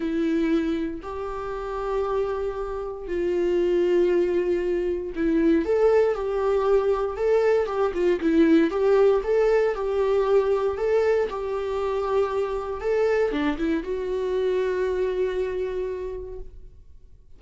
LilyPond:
\new Staff \with { instrumentName = "viola" } { \time 4/4 \tempo 4 = 117 e'2 g'2~ | g'2 f'2~ | f'2 e'4 a'4 | g'2 a'4 g'8 f'8 |
e'4 g'4 a'4 g'4~ | g'4 a'4 g'2~ | g'4 a'4 d'8 e'8 fis'4~ | fis'1 | }